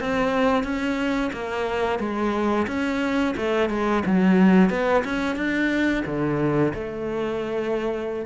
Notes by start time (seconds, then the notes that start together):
0.00 C4
0.63 C#4
1.33 A#3
1.99 G#3
2.67 C#4
3.37 A3
3.70 G#3
4.05 F#3
4.70 B3
5.04 C#4
5.36 D4
6.06 D3
6.74 A3